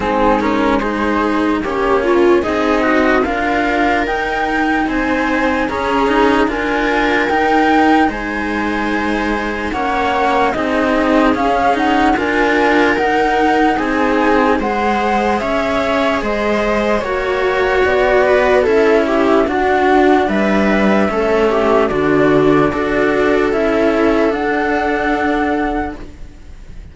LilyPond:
<<
  \new Staff \with { instrumentName = "flute" } { \time 4/4 \tempo 4 = 74 gis'8 ais'8 c''4 cis''4 dis''4 | f''4 g''4 gis''4 ais''4 | gis''4 g''4 gis''2 | fis''4 dis''4 f''8 fis''8 gis''4 |
fis''4 gis''4 fis''4 e''4 | dis''4 cis''4 d''4 e''4 | fis''4 e''2 d''4~ | d''4 e''4 fis''2 | }
  \new Staff \with { instrumentName = "viola" } { \time 4/4 dis'4 gis'4 g'8 f'8 dis'4 | ais'2 c''4 gis'4 | ais'2 c''2 | cis''4 gis'2 ais'4~ |
ais'4 gis'4 c''4 cis''4 | c''4 cis''4. b'8 a'8 g'8 | fis'4 b'4 a'8 g'8 fis'4 | a'1 | }
  \new Staff \with { instrumentName = "cello" } { \time 4/4 c'8 cis'8 dis'4 cis'4 gis'8 fis'8 | f'4 dis'2 cis'8 dis'8 | f'4 dis'2. | cis'4 dis'4 cis'8 dis'8 f'4 |
dis'2 gis'2~ | gis'4 fis'2 e'4 | d'2 cis'4 d'4 | fis'4 e'4 d'2 | }
  \new Staff \with { instrumentName = "cello" } { \time 4/4 gis2 ais4 c'4 | d'4 dis'4 c'4 cis'4 | d'4 dis'4 gis2 | ais4 c'4 cis'4 d'4 |
dis'4 c'4 gis4 cis'4 | gis4 ais4 b4 cis'4 | d'4 g4 a4 d4 | d'4 cis'4 d'2 | }
>>